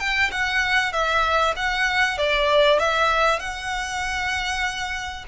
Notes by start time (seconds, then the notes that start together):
0.00 G5
0.31 F#5
0.93 E5
1.56 F#5
2.18 D5
2.79 E5
3.39 F#5